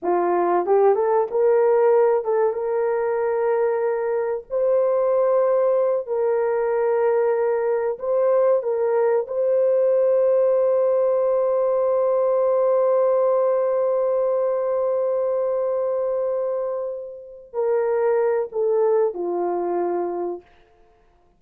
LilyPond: \new Staff \with { instrumentName = "horn" } { \time 4/4 \tempo 4 = 94 f'4 g'8 a'8 ais'4. a'8 | ais'2. c''4~ | c''4. ais'2~ ais'8~ | ais'8 c''4 ais'4 c''4.~ |
c''1~ | c''1~ | c''2.~ c''8 ais'8~ | ais'4 a'4 f'2 | }